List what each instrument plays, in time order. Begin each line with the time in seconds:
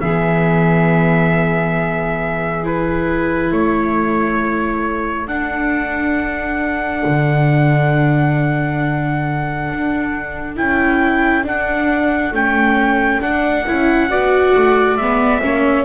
0.00 double bass E3, viola B3, saxophone G#4, trumpet E5
2.63 viola E4, trumpet B4
3.52 double bass A3, saxophone A4, trumpet C#5
5.28 double bass D4, viola D4, trumpet F#5
7.06 double bass D3
9.71 double bass D4
10.57 double bass C#4, viola E4, trumpet G5
11.44 viola D4, double bass D4, trumpet F#5
12.32 double bass A3, viola C#4, trumpet G5
13.21 viola D4, double bass D4, trumpet F#5
13.67 double bass C#4, viola E4
14.10 double bass B3, viola F#4, saxophone D5
14.56 double bass A3
14.97 double bass G#3, viola B3, trumpet E5
15.42 double bass A#3, viola C#4, saxophone C#5